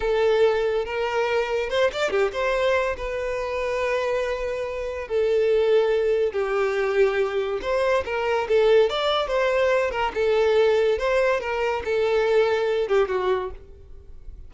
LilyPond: \new Staff \with { instrumentName = "violin" } { \time 4/4 \tempo 4 = 142 a'2 ais'2 | c''8 d''8 g'8 c''4. b'4~ | b'1 | a'2. g'4~ |
g'2 c''4 ais'4 | a'4 d''4 c''4. ais'8 | a'2 c''4 ais'4 | a'2~ a'8 g'8 fis'4 | }